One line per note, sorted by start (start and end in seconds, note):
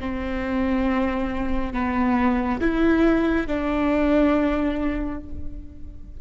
0.00 1.73 C4
1.73 2.60 B3
2.60 3.47 E4
3.47 5.21 D4